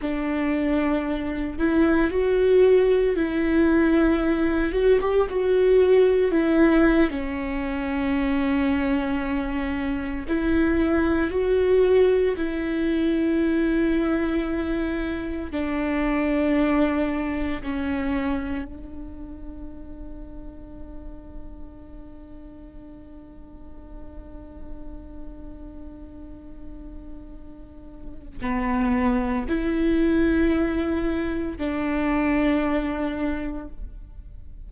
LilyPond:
\new Staff \with { instrumentName = "viola" } { \time 4/4 \tempo 4 = 57 d'4. e'8 fis'4 e'4~ | e'8 fis'16 g'16 fis'4 e'8. cis'4~ cis'16~ | cis'4.~ cis'16 e'4 fis'4 e'16~ | e'2~ e'8. d'4~ d'16~ |
d'8. cis'4 d'2~ d'16~ | d'1~ | d'2. b4 | e'2 d'2 | }